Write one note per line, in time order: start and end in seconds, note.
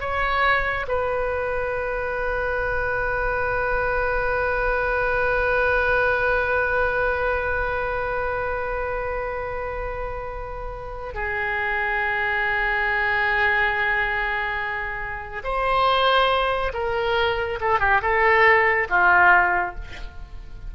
0.00 0.86 C#5
0.88 11.14 B4
11.14 15.42 G#4
15.43 16.72 C5
16.73 17.59 A#4
17.60 17.79 A4
17.79 18.00 G4
18.02 18.87 A4
18.89 19.75 F4